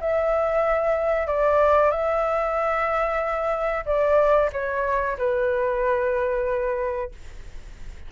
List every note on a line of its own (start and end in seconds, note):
0.00 1.27 E5
1.27 1.91 D5
1.91 3.84 E5
3.85 4.50 D5
4.52 5.17 C#5
5.18 7.11 B4